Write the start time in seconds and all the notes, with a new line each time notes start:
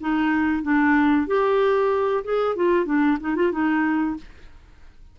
0.00 D#4
0.62 D4
1.27 G4
2.24 G#4
2.55 F4
2.85 D4
3.20 D#4
3.35 F4
3.52 D#4